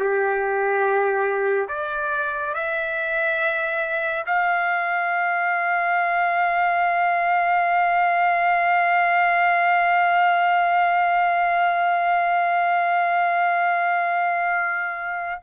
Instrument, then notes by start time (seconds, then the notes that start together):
trumpet
0.00 G4
1.69 D5
2.54 E5
4.27 F5